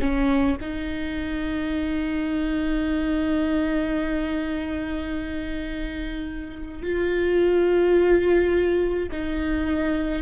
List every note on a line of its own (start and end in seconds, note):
0.00 0.57 C#4
0.61 6.82 D#4
6.82 9.09 F4
9.11 10.22 D#4